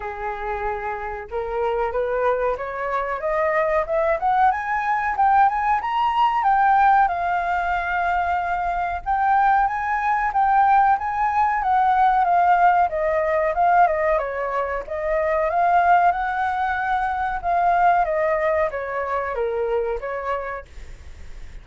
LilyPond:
\new Staff \with { instrumentName = "flute" } { \time 4/4 \tempo 4 = 93 gis'2 ais'4 b'4 | cis''4 dis''4 e''8 fis''8 gis''4 | g''8 gis''8 ais''4 g''4 f''4~ | f''2 g''4 gis''4 |
g''4 gis''4 fis''4 f''4 | dis''4 f''8 dis''8 cis''4 dis''4 | f''4 fis''2 f''4 | dis''4 cis''4 ais'4 cis''4 | }